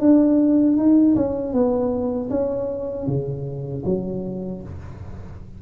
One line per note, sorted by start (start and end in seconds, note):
0.00 0.77 D4
0.77 1.15 D#4
1.16 1.53 C#4
1.53 2.30 B3
2.30 3.07 C#4
3.07 3.84 C#3
3.85 4.62 F#3